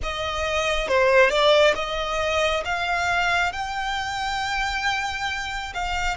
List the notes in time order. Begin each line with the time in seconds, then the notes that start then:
0.02 D#5
0.87 C5
1.30 D5
1.75 D#5
2.65 F5
3.52 G5
5.74 F5